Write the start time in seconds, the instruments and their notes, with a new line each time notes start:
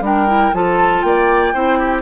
0.00 bassoon G3, clarinet D4, oboe A#4, flute G5
0.27 clarinet E4
0.53 bassoon F3, clarinet F4, oboe A4, flute A5
1.01 bassoon A#3, oboe D5, flute G5
1.53 bassoon C4, clarinet E4, oboe C5
1.78 oboe G4